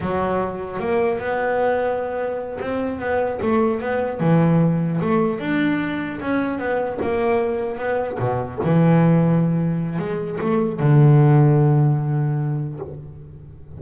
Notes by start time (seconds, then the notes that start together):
0.01 F#3
0.79 A#3
1.19 B3
2.60 C4
2.99 B3
3.41 A3
3.80 B3
4.20 E3
5.00 A3
5.39 D4
6.20 C#4
6.58 B3
7.02 A#3
7.77 B3
8.19 B2
8.63 E3
9.98 G#3
10.41 A3
10.79 D3